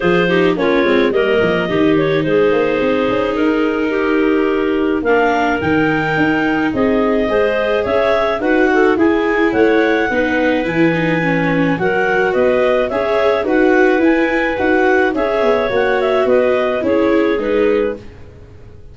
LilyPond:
<<
  \new Staff \with { instrumentName = "clarinet" } { \time 4/4 \tempo 4 = 107 c''4 cis''4 dis''4. cis''8 | c''2 ais'2~ | ais'4 f''4 g''2 | dis''2 e''4 fis''4 |
gis''4 fis''2 gis''4~ | gis''4 fis''4 dis''4 e''4 | fis''4 gis''4 fis''4 e''4 | fis''8 e''8 dis''4 cis''4 b'4 | }
  \new Staff \with { instrumentName = "clarinet" } { \time 4/4 gis'8 g'8 f'4 ais'4 g'4 | gis'2. g'4~ | g'4 ais'2. | gis'4 c''4 cis''4 b'8 a'8 |
gis'4 cis''4 b'2~ | b'4 ais'4 b'4 cis''4 | b'2. cis''4~ | cis''4 b'4 gis'2 | }
  \new Staff \with { instrumentName = "viola" } { \time 4/4 f'8 dis'8 cis'8 c'8 ais4 dis'4~ | dis'1~ | dis'4 d'4 dis'2~ | dis'4 gis'2 fis'4 |
e'2 dis'4 e'8 dis'8 | cis'4 fis'2 gis'4 | fis'4 e'4 fis'4 gis'4 | fis'2 e'4 dis'4 | }
  \new Staff \with { instrumentName = "tuba" } { \time 4/4 f4 ais8 gis8 g8 f8 dis4 | gis8 ais8 c'8 cis'8 dis'2~ | dis'4 ais4 dis4 dis'4 | c'4 gis4 cis'4 dis'4 |
e'4 a4 b4 e4~ | e4 fis4 b4 cis'4 | dis'4 e'4 dis'4 cis'8 b8 | ais4 b4 cis'4 gis4 | }
>>